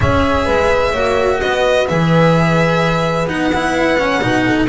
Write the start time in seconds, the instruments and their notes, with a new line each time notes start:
0.00 double bass C#4, cello G#4, horn C#5, violin E5
0.45 double bass G#3, horn B4
0.91 double bass A#3, cello F#4, horn C#5
1.40 double bass B3, horn B4, violin D#5
1.88 double bass E3, cello G#4, violin E5
3.25 double bass B3, cello D#4, violin F#5
3.54 cello E4
3.98 cello C#4
4.21 double bass B2, cello D#4
4.45 horn A4